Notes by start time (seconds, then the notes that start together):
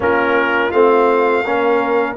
0.00 A#3 C#4 F4 A#4
0.71 A3 C4 F5
1.44 A#3 C#4 A#4